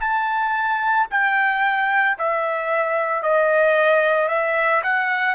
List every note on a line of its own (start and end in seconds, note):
0.00 1.07 A5
1.11 2.18 G5
2.19 3.23 E5
3.23 4.29 D#5
4.29 4.82 E5
4.84 5.35 F#5